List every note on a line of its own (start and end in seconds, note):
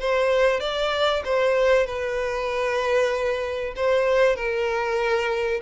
0.00 0.60 C5
0.60 1.22 D5
1.24 1.86 C5
1.86 3.74 B4
3.76 4.36 C5
4.36 5.61 A#4